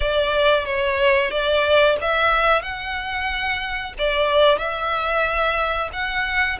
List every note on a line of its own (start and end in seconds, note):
0.00 0.65 D5
0.65 1.30 C#5
1.30 1.96 D5
2.01 2.61 E5
2.61 3.93 F#5
3.98 4.58 D5
4.58 5.90 E5
5.93 6.58 F#5